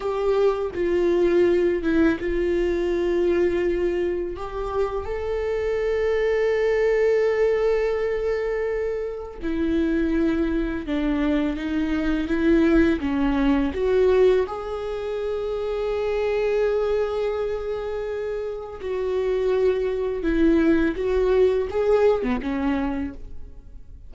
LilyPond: \new Staff \with { instrumentName = "viola" } { \time 4/4 \tempo 4 = 83 g'4 f'4. e'8 f'4~ | f'2 g'4 a'4~ | a'1~ | a'4 e'2 d'4 |
dis'4 e'4 cis'4 fis'4 | gis'1~ | gis'2 fis'2 | e'4 fis'4 gis'8. b16 cis'4 | }